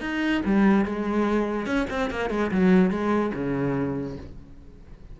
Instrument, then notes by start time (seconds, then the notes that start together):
cello
0.00 D#4
0.45 G3
0.85 G#3
1.66 C#4
1.90 C4
2.10 A#3
2.30 G#3
2.51 F#3
2.90 G#3
3.34 C#3